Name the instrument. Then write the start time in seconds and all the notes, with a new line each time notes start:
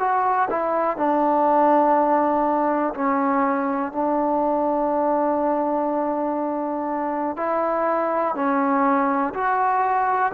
trombone
0.00 F#4
0.51 E4
0.97 D4
2.95 C#4
3.93 D4
7.37 E4
8.36 C#4
9.34 F#4